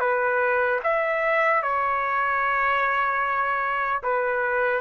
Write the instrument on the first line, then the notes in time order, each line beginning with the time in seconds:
trumpet
0.00 B4
0.83 E5
1.63 C#5
4.03 B4